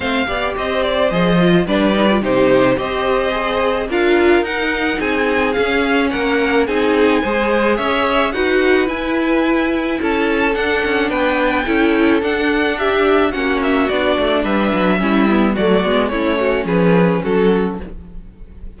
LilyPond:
<<
  \new Staff \with { instrumentName = "violin" } { \time 4/4 \tempo 4 = 108 f''4 dis''8 d''8 dis''4 d''4 | c''4 dis''2 f''4 | fis''4 gis''4 f''4 fis''4 | gis''2 e''4 fis''4 |
gis''2 a''4 fis''4 | g''2 fis''4 e''4 | fis''8 e''8 d''4 e''2 | d''4 cis''4 b'4 a'4 | }
  \new Staff \with { instrumentName = "violin" } { \time 4/4 c''8 d''8 c''2 b'4 | g'4 c''2 ais'4~ | ais'4 gis'2 ais'4 | gis'4 c''4 cis''4 b'4~ |
b'2 a'2 | b'4 a'2 g'4 | fis'2 b'4 e'4 | fis'4 e'8 fis'8 gis'4 fis'4 | }
  \new Staff \with { instrumentName = "viola" } { \time 4/4 c'8 g'4. gis'8 f'8 d'8 dis'16 f'16 | dis'4 g'4 gis'4 f'4 | dis'2 cis'2 | dis'4 gis'2 fis'4 |
e'2. d'4~ | d'4 e'4 d'2 | cis'4 d'2 cis'8 b8 | a8 b8 cis'2. | }
  \new Staff \with { instrumentName = "cello" } { \time 4/4 a8 b8 c'4 f4 g4 | c4 c'2 d'4 | dis'4 c'4 cis'4 ais4 | c'4 gis4 cis'4 dis'4 |
e'2 cis'4 d'8 cis'8 | b4 cis'4 d'2 | ais4 b8 a8 g8 fis8 g4 | fis8 gis8 a4 f4 fis4 | }
>>